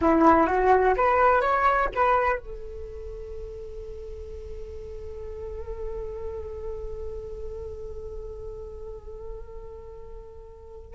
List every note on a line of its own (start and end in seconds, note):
0.01 0.46 E4
0.46 0.94 F#4
0.96 1.41 B4
1.41 1.88 C#5
1.94 2.39 B4
2.39 10.94 A4